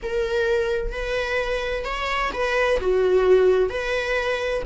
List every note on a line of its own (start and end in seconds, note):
0.02 0.92 A#4
0.92 1.85 B4
1.85 2.31 C#5
2.33 2.79 B4
2.80 3.69 F#4
3.69 4.62 B4